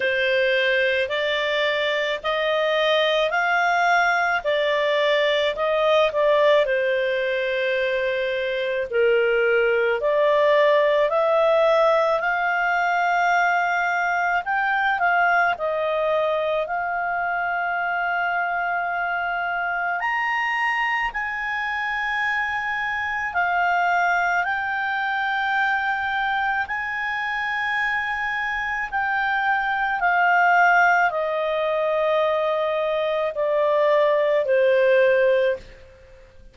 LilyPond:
\new Staff \with { instrumentName = "clarinet" } { \time 4/4 \tempo 4 = 54 c''4 d''4 dis''4 f''4 | d''4 dis''8 d''8 c''2 | ais'4 d''4 e''4 f''4~ | f''4 g''8 f''8 dis''4 f''4~ |
f''2 ais''4 gis''4~ | gis''4 f''4 g''2 | gis''2 g''4 f''4 | dis''2 d''4 c''4 | }